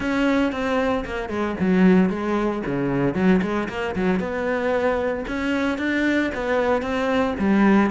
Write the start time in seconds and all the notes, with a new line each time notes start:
0.00 C#4
0.51 C4
1.05 A#3
1.29 G#3
1.59 F#3
2.09 G#3
2.66 C#3
3.14 F#3
3.42 G#3
3.68 A#3
3.95 F#3
4.19 B3
5.27 C#4
5.78 D4
6.34 B3
6.82 C4
7.39 G3